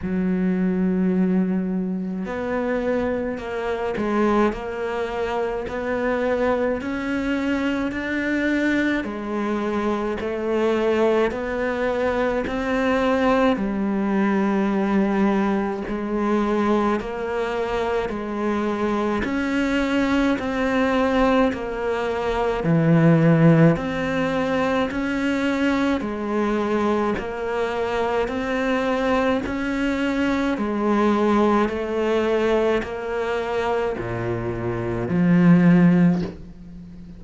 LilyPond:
\new Staff \with { instrumentName = "cello" } { \time 4/4 \tempo 4 = 53 fis2 b4 ais8 gis8 | ais4 b4 cis'4 d'4 | gis4 a4 b4 c'4 | g2 gis4 ais4 |
gis4 cis'4 c'4 ais4 | e4 c'4 cis'4 gis4 | ais4 c'4 cis'4 gis4 | a4 ais4 ais,4 f4 | }